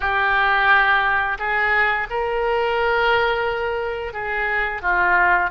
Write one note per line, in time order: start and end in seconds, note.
0.00 1.38 G4
1.38 2.07 G#4
2.09 4.13 A#4
4.13 4.82 G#4
4.82 5.50 F4